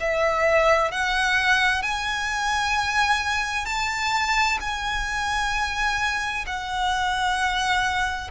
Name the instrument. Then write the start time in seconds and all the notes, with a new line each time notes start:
violin
0.00 E5
0.91 F#5
1.83 G#5
3.66 A5
4.61 G#5
6.47 F#5